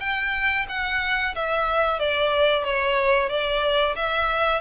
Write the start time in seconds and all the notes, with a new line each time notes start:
0.00 G5
0.69 F#5
1.35 E5
1.99 D5
2.64 C#5
3.29 D5
3.96 E5